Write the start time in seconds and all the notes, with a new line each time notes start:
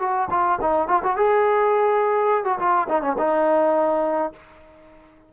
0.00 F#4
0.31 F4
0.62 D#4
0.88 F4
1.03 F#4
1.17 G#4
2.45 F#4
2.59 F4
2.88 D#4
3.02 C#4
3.18 D#4